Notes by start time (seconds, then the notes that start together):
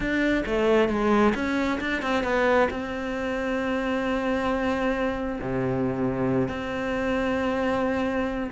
0.00 D4
0.46 A3
0.88 G#3
1.34 C#4
1.80 D4
2.01 C4
2.23 B3
2.70 C4
5.41 C3
6.48 C4